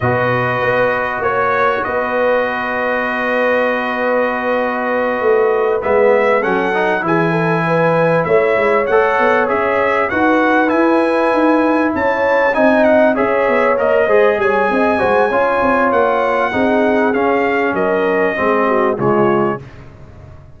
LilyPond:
<<
  \new Staff \with { instrumentName = "trumpet" } { \time 4/4 \tempo 4 = 98 dis''2 cis''4 dis''4~ | dis''1~ | dis''4. e''4 fis''4 gis''8~ | gis''4. e''4 fis''4 e''8~ |
e''8 fis''4 gis''2 a''8~ | a''8 gis''8 fis''8 e''4 dis''4 gis''8~ | gis''2 fis''2 | f''4 dis''2 cis''4 | }
  \new Staff \with { instrumentName = "horn" } { \time 4/4 b'2 cis''4 b'4~ | b'1~ | b'2~ b'8 a'4 gis'8 | a'8 b'4 cis''2~ cis''8~ |
cis''8 b'2. cis''8~ | cis''8 dis''4 cis''4. c''8 cis''8 | dis''8 c''8 cis''2 gis'4~ | gis'4 ais'4 gis'8 fis'8 f'4 | }
  \new Staff \with { instrumentName = "trombone" } { \time 4/4 fis'1~ | fis'1~ | fis'4. b4 cis'8 dis'8 e'8~ | e'2~ e'8 a'4 gis'8~ |
gis'8 fis'4 e'2~ e'8~ | e'8 dis'4 gis'4 ais'8 gis'4~ | gis'8 fis'8 f'2 dis'4 | cis'2 c'4 gis4 | }
  \new Staff \with { instrumentName = "tuba" } { \time 4/4 b,4 b4 ais4 b4~ | b1~ | b8 a4 gis4 fis4 e8~ | e4. a8 gis8 a8 b8 cis'8~ |
cis'8 dis'4 e'4 dis'4 cis'8~ | cis'8 c'4 cis'8 b8 ais8 gis8 g8 | c'8 gis8 cis'8 c'8 ais4 c'4 | cis'4 fis4 gis4 cis4 | }
>>